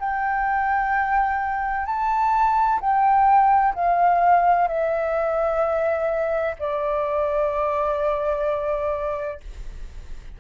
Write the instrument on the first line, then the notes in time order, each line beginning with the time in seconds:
flute
0.00 G5
1.86 A5
2.80 G5
3.75 F5
4.68 E5
6.59 D5